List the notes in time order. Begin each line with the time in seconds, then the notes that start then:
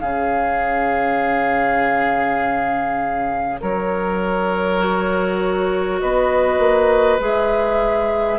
0.00 C#3 C#4 G#4 F5
3.61 F#3 A#4 C#5
4.79 F#4
5.99 B3 B4 D#5
6.59 A#3
7.20 G#3 G#4 E5